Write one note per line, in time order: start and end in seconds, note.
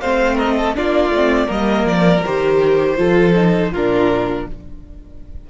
0.00 0.76 A3
0.00 0.74 C4
0.00 0.35 C5
0.00 0.37 F5
0.35 0.54 A#4
0.35 0.75 D#5
0.57 0.76 A4
0.74 1.09 A#3
0.74 1.11 D4
0.74 1.46 F4
0.74 1.51 D5
1.09 1.46 A3
1.09 1.47 C4
1.46 1.84 G3
1.46 2.21 A#3
1.46 2.94 A#4
1.46 1.87 D#5
1.84 2.21 F3
1.84 2.24 D5
2.25 2.98 D#3
2.25 2.96 G4
2.25 3.73 C5
2.96 3.72 F3
2.96 3.33 F4
2.96 3.71 A4
3.35 3.72 D#4
3.71 4.46 A#2
3.71 4.50 D4
3.71 4.46 F4
3.71 4.47 A#4